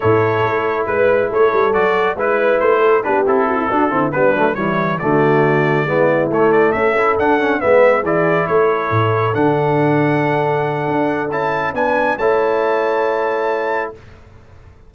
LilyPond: <<
  \new Staff \with { instrumentName = "trumpet" } { \time 4/4 \tempo 4 = 138 cis''2 b'4 cis''4 | d''4 b'4 c''4 b'8 a'8~ | a'4. b'4 cis''4 d''8~ | d''2~ d''8 cis''8 d''8 e''8~ |
e''8 fis''4 e''4 d''4 cis''8~ | cis''4. fis''2~ fis''8~ | fis''2 a''4 gis''4 | a''1 | }
  \new Staff \with { instrumentName = "horn" } { \time 4/4 a'2 b'4 a'4~ | a'4 b'4. a'8 g'4 | fis'16 e'16 fis'8 e'8 d'4 e'4 fis'8~ | fis'4. e'2 a'8~ |
a'4. b'4 gis'4 a'8~ | a'1~ | a'2. b'4 | cis''1 | }
  \new Staff \with { instrumentName = "trombone" } { \time 4/4 e'1 | fis'4 e'2 d'8 e'8~ | e'8 d'8 c'8 b8 a8 g4 a8~ | a4. b4 a4. |
e'8 d'8 cis'8 b4 e'4.~ | e'4. d'2~ d'8~ | d'2 e'4 d'4 | e'1 | }
  \new Staff \with { instrumentName = "tuba" } { \time 4/4 a,4 a4 gis4 a8 g8 | fis4 gis4 a4 b8 c'8~ | c'8 d'8 d8 g8 fis8 e4 d8~ | d4. gis4 a4 cis'8~ |
cis'8 d'4 gis4 e4 a8~ | a8 a,4 d2~ d8~ | d4 d'4 cis'4 b4 | a1 | }
>>